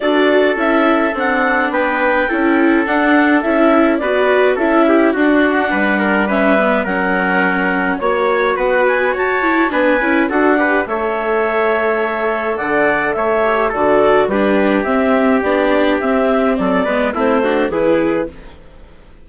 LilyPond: <<
  \new Staff \with { instrumentName = "clarinet" } { \time 4/4 \tempo 4 = 105 d''4 e''4 fis''4 g''4~ | g''4 fis''4 e''4 d''4 | e''4 fis''2 e''4 | fis''2 cis''4 fis''8 gis''8 |
a''4 gis''4 fis''4 e''4~ | e''2 fis''4 e''4 | d''4 b'4 e''4 d''4 | e''4 d''4 c''4 b'4 | }
  \new Staff \with { instrumentName = "trumpet" } { \time 4/4 a'2. b'4 | a'2. b'4 | a'8 g'8 fis'4 b'8 ais'8 b'4 | ais'2 cis''4 b'4 |
cis''4 b'4 a'8 b'8 cis''4~ | cis''2 d''4 cis''4 | a'4 g'2.~ | g'4 a'8 b'8 e'8 fis'8 gis'4 | }
  \new Staff \with { instrumentName = "viola" } { \time 4/4 fis'4 e'4 d'2 | e'4 d'4 e'4 fis'4 | e'4 d'2 cis'8 b8 | cis'2 fis'2~ |
fis'8 e'8 d'8 e'8 fis'8 g'8 a'4~ | a'2.~ a'8 g'8 | fis'4 d'4 c'4 d'4 | c'4. b8 c'8 d'8 e'4 | }
  \new Staff \with { instrumentName = "bassoon" } { \time 4/4 d'4 cis'4 c'4 b4 | cis'4 d'4 cis'4 b4 | cis'4 d'4 g2 | fis2 ais4 b4 |
fis'4 b8 cis'8 d'4 a4~ | a2 d4 a4 | d4 g4 c'4 b4 | c'4 fis8 gis8 a4 e4 | }
>>